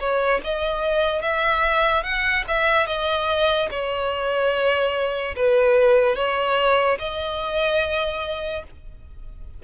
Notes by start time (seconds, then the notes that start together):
0.00 C#5
0.44 D#5
1.22 E5
2.04 F#5
2.48 E5
2.87 D#5
3.71 C#5
5.36 B4
6.16 C#5
6.99 D#5